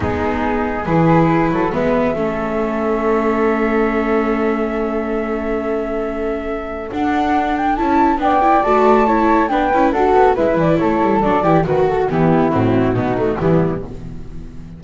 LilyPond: <<
  \new Staff \with { instrumentName = "flute" } { \time 4/4 \tempo 4 = 139 gis'2 b'2 | e''1~ | e''1~ | e''1 |
fis''4. g''8 a''4 g''4 | a''2 g''4 fis''4 | e''8 d''8 cis''4 d''4 b'8 a'8 | g'4 fis'2 e'4 | }
  \new Staff \with { instrumentName = "flute" } { \time 4/4 dis'2 gis'4. a'8 | b'4 a'2.~ | a'1~ | a'1~ |
a'2. d''4~ | d''4 cis''4 b'4 a'4 | b'4 a'4. g'8 fis'4 | e'2 dis'4 b4 | }
  \new Staff \with { instrumentName = "viola" } { \time 4/4 b2 e'2 | b4 cis'2.~ | cis'1~ | cis'1 |
d'2 e'4 d'8 e'8 | fis'4 e'4 d'8 e'8 fis'4 | e'2 d'8 e'8 fis'4 | b4 c'4 b8 a8 g4 | }
  \new Staff \with { instrumentName = "double bass" } { \time 4/4 gis2 e4. fis8 | gis4 a2.~ | a1~ | a1 |
d'2 cis'4 b4 | a2 b8 cis'8 d'8 b8 | gis8 e8 a8 g8 fis8 e8 dis4 | e4 a,4 b,4 e4 | }
>>